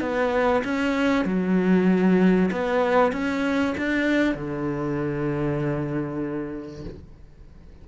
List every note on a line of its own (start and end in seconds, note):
0.00 0.62 B3
0.64 1.25 C#4
1.25 2.50 F#3
2.51 3.12 B3
3.12 3.74 C#4
3.77 4.35 D4
4.35 6.85 D3